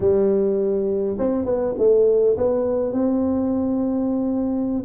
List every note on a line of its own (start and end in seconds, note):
0.00 1.17 G3
1.18 1.45 C4
1.45 1.74 B3
1.78 2.36 A3
2.37 2.93 B3
2.93 4.84 C4